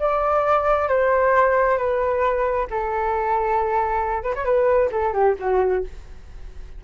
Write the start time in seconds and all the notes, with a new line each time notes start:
0.00 D5
0.89 C5
1.78 B4
2.71 A4
4.24 B4
4.36 C#5
4.45 B4
4.92 A4
5.14 G4
5.40 F#4